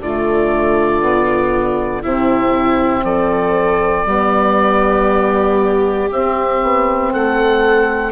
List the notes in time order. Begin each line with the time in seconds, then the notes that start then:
0.00 D3 A3 F4 D5
1.01 B3
2.03 C3 C4 E4 E5
3.04 F3 A4 D5
4.06 G3 B3 G4
6.10 C4 E5
6.63 B3
7.13 A3 A4 F#5